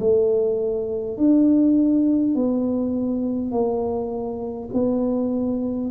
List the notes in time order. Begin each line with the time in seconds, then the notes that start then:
0.00 A3
1.18 D4
2.35 B3
3.52 A#3
4.74 B3